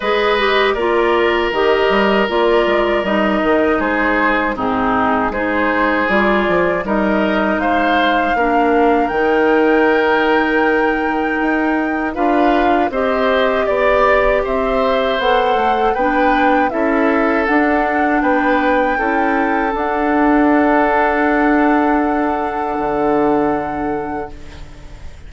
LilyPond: <<
  \new Staff \with { instrumentName = "flute" } { \time 4/4 \tempo 4 = 79 dis''4 d''4 dis''4 d''4 | dis''4 c''4 gis'4 c''4 | d''4 dis''4 f''2 | g''1 |
f''4 dis''4 d''4 e''4 | fis''4 g''4 e''4 fis''4 | g''2 fis''2~ | fis''1 | }
  \new Staff \with { instrumentName = "oboe" } { \time 4/4 b'4 ais'2.~ | ais'4 gis'4 dis'4 gis'4~ | gis'4 ais'4 c''4 ais'4~ | ais'1 |
b'4 c''4 d''4 c''4~ | c''4 b'4 a'2 | b'4 a'2.~ | a'1 | }
  \new Staff \with { instrumentName = "clarinet" } { \time 4/4 gis'8 g'8 f'4 g'4 f'4 | dis'2 c'4 dis'4 | f'4 dis'2 d'4 | dis'1 |
f'4 g'2. | a'4 d'4 e'4 d'4~ | d'4 e'4 d'2~ | d'1 | }
  \new Staff \with { instrumentName = "bassoon" } { \time 4/4 gis4 ais4 dis8 g8 ais8 gis8 | g8 dis8 gis4 gis,4 gis4 | g8 f8 g4 gis4 ais4 | dis2. dis'4 |
d'4 c'4 b4 c'4 | b8 a8 b4 cis'4 d'4 | b4 cis'4 d'2~ | d'2 d2 | }
>>